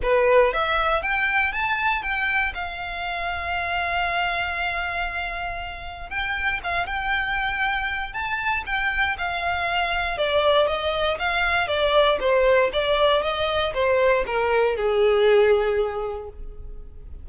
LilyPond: \new Staff \with { instrumentName = "violin" } { \time 4/4 \tempo 4 = 118 b'4 e''4 g''4 a''4 | g''4 f''2.~ | f''1 | g''4 f''8 g''2~ g''8 |
a''4 g''4 f''2 | d''4 dis''4 f''4 d''4 | c''4 d''4 dis''4 c''4 | ais'4 gis'2. | }